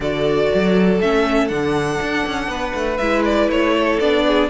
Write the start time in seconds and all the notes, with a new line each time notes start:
0.00 D3 F#4 A4 D5
0.54 F#3
1.00 A3 C#4 E5
1.48 D3 D4 F#5
2.01 D4
2.26 C#4
2.47 B3 B4
2.74 A3
2.97 G#3 E4 E5
3.25 D5
3.48 A3 C#5
3.74 A4
3.99 B3 D4 D5
4.27 G#4